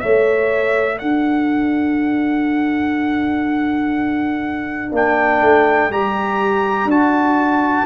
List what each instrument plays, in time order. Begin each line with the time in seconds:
0.00 tuba A3, trombone A4, horn C#5, trumpet E5
0.96 tuba D4, horn D5, trumpet F#5
4.92 tuba A#3, trombone D4, trumpet G5
5.41 tuba A3
5.90 tuba G3, trombone G4, trumpet A#5
6.85 tuba D4, trombone F#4
6.91 trumpet A5